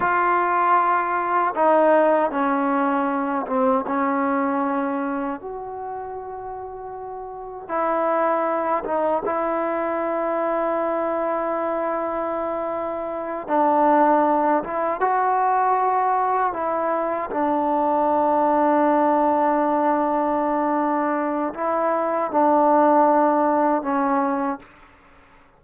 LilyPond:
\new Staff \with { instrumentName = "trombone" } { \time 4/4 \tempo 4 = 78 f'2 dis'4 cis'4~ | cis'8 c'8 cis'2 fis'4~ | fis'2 e'4. dis'8 | e'1~ |
e'4. d'4. e'8 fis'8~ | fis'4. e'4 d'4.~ | d'1 | e'4 d'2 cis'4 | }